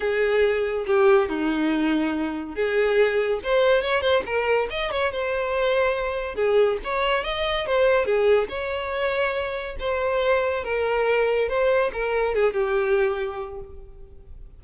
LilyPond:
\new Staff \with { instrumentName = "violin" } { \time 4/4 \tempo 4 = 141 gis'2 g'4 dis'4~ | dis'2 gis'2 | c''4 cis''8 c''8 ais'4 dis''8 cis''8 | c''2. gis'4 |
cis''4 dis''4 c''4 gis'4 | cis''2. c''4~ | c''4 ais'2 c''4 | ais'4 gis'8 g'2~ g'8 | }